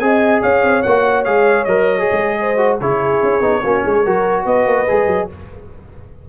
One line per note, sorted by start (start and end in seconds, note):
0.00 0.42 C4
0.00 0.84 G#4
0.00 0.42 D#5
0.00 0.41 G#5
0.42 0.64 C#4
0.42 2.39 C#5
0.42 0.83 F5
0.64 0.84 C4
0.83 1.27 A#3
0.83 1.26 F#4
0.83 1.24 F#5
1.25 1.67 G#3
1.25 1.67 G#4
1.25 1.65 F5
1.65 2.08 F#3
1.65 1.99 A#4
1.65 2.79 D#5
1.99 2.58 G#4
2.12 2.81 G#3
2.41 2.80 C5
2.58 2.78 F#4
2.80 3.22 C#3
2.80 3.42 E4
2.80 3.62 G#4
2.80 4.46 C#5
3.23 3.41 C#4
3.41 3.62 B3
3.41 3.63 D#4
3.64 3.85 A#3
3.64 4.06 C#4
3.64 3.84 F#4
3.84 4.07 G#3
3.84 4.04 G#4
4.04 4.46 F#3
4.04 4.88 F#4
4.04 4.45 A#4
4.46 4.66 B3
4.46 5.29 B4
4.46 5.29 D#5
4.66 4.87 A#3
4.88 5.07 G#3
4.88 5.30 G#4
5.07 5.28 F#3